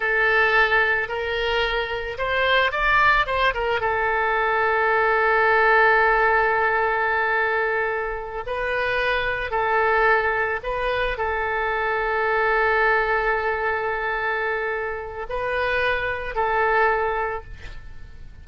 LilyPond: \new Staff \with { instrumentName = "oboe" } { \time 4/4 \tempo 4 = 110 a'2 ais'2 | c''4 d''4 c''8 ais'8 a'4~ | a'1~ | a'2.~ a'8 b'8~ |
b'4. a'2 b'8~ | b'8 a'2.~ a'8~ | a'1 | b'2 a'2 | }